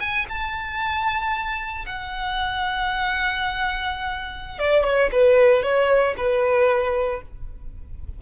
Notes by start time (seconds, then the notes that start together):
0.00 G#5
0.29 A5
1.86 F#5
4.59 D5
4.84 C#5
5.12 B4
5.63 C#5
6.17 B4